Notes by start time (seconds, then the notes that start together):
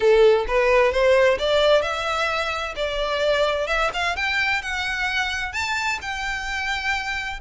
0.00 A4
0.47 B4
0.92 C5
1.38 D5
1.82 E5
2.76 D5
3.67 E5
3.93 F5
4.16 G5
4.62 F#5
5.52 A5
6.01 G5